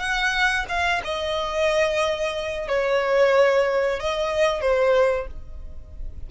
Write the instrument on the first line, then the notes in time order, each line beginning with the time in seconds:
violin
0.00 F#5
0.69 F5
1.04 D#5
2.68 C#5
4.00 D#5
4.61 C5